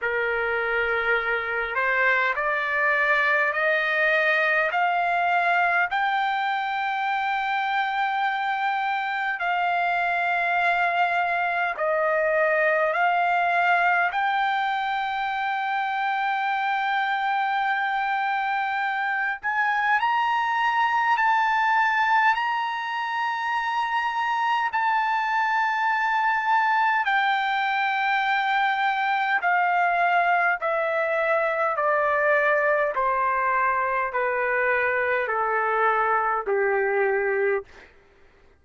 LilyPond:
\new Staff \with { instrumentName = "trumpet" } { \time 4/4 \tempo 4 = 51 ais'4. c''8 d''4 dis''4 | f''4 g''2. | f''2 dis''4 f''4 | g''1~ |
g''8 gis''8 ais''4 a''4 ais''4~ | ais''4 a''2 g''4~ | g''4 f''4 e''4 d''4 | c''4 b'4 a'4 g'4 | }